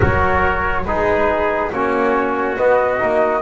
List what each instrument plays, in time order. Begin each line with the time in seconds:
0.00 double bass F#3, trombone F#4, trumpet A#4, flute C#5
0.84 double bass G#3, trombone D#4, trumpet G#4, flute B4
1.71 double bass A#3, trombone C#4, trumpet F#4, flute C#5
2.56 trombone B3, double bass B3, flute D#5
2.98 double bass A#3, trombone D#4